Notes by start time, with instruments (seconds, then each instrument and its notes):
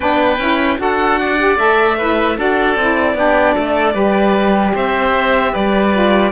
0.00 cello B3, saxophone D4, oboe B4, violin G5
0.38 cello C#4, saxophone E4
0.78 cello D4, saxophone F#4, oboe A4, violin F#5
1.20 oboe D5
1.38 saxophone G4
1.56 cello A3, saxophone A4, violin E5
1.98 saxophone E4, oboe B4
2.37 cello D4, saxophone F#4, oboe A4, violin D5
2.75 cello C4, saxophone E4
3.14 cello B3, saxophone D4, oboe G4
3.54 cello A3, oboe A4
3.93 cello G3, saxophone G4, oboe B4
4.74 cello C4, oboe C5, violin E5
5.52 cello G3, oboe B4, violin D5
5.92 saxophone F4